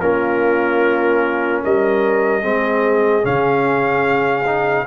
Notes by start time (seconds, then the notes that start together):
0.00 A#3 C#4 F4 A#4
1.62 G3 A#4 D#5
2.42 G#3 C4 G#4
3.23 C#3 C#4 F5
4.46 D#4